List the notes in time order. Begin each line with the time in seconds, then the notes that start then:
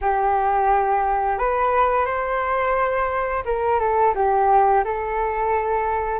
0.01 G4
1.38 B4
2.05 C5
3.45 A#4
3.79 A4
4.14 G4
4.84 A4